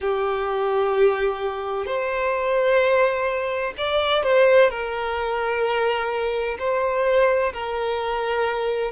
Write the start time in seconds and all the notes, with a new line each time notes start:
0.00 G4
1.86 C5
3.77 D5
4.23 C5
4.70 A#4
6.59 C5
7.53 A#4